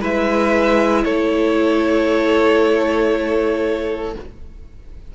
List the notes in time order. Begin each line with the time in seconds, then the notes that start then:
0.00 G#3 E4 B4 E5
1.04 A3 A4 C#5